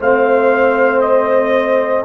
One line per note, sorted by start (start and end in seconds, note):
0.00 2.06 A3
0.00 2.06 C4
0.00 2.06 C5
0.00 1.02 F5
1.02 2.05 D#5